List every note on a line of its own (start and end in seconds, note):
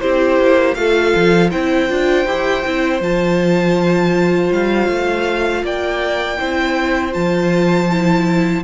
0.00 0.39 C4
0.00 0.76 E4
0.00 0.77 G4
0.00 0.75 C5
0.39 0.76 A#3
0.75 1.13 A3
0.75 1.51 F4
0.75 1.51 A4
0.75 1.50 F5
1.15 1.53 F3
1.51 1.90 C4
1.51 1.89 E4
1.51 5.63 C5
1.51 3.01 G5
1.89 2.25 D4
1.89 2.26 F4
2.25 2.63 E4
2.25 2.64 G4
2.64 3.00 C4
2.64 3.01 E4
3.00 4.50 F3
3.00 6.38 F4
3.00 4.52 A5
4.52 4.88 G3
4.52 5.65 F5
4.88 5.63 A3
5.63 6.38 A#3
5.63 6.39 D5
5.63 7.13 G5
6.38 7.15 C4
6.38 7.12 E4
6.38 8.63 C5
7.12 8.63 F3
7.12 7.87 F4
7.12 8.63 A5
7.90 8.63 E4